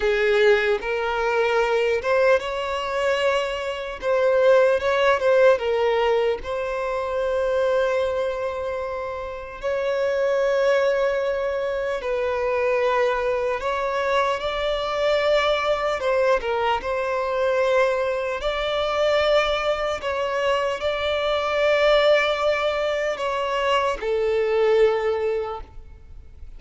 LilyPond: \new Staff \with { instrumentName = "violin" } { \time 4/4 \tempo 4 = 75 gis'4 ais'4. c''8 cis''4~ | cis''4 c''4 cis''8 c''8 ais'4 | c''1 | cis''2. b'4~ |
b'4 cis''4 d''2 | c''8 ais'8 c''2 d''4~ | d''4 cis''4 d''2~ | d''4 cis''4 a'2 | }